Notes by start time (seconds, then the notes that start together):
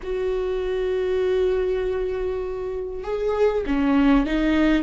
0.03 F#4
3.03 G#4
3.66 C#4
4.26 D#4